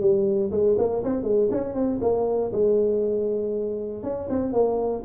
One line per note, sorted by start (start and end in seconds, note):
0.00 0.50 G3
0.51 0.76 G#3
0.78 1.03 A#3
1.04 1.23 C4
1.23 1.48 G#3
1.51 1.74 C#4
1.74 2.00 C4
2.01 2.52 A#3
2.52 4.03 G#3
4.03 4.28 C#4
4.29 4.53 C4
4.53 5.03 A#3